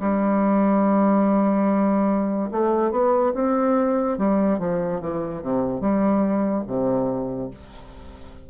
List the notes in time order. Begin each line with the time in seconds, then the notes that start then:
0.00 G3
2.52 A3
2.91 B3
3.34 C4
4.17 G3
4.59 F3
5.00 E3
5.42 C3
5.80 G3
6.67 C3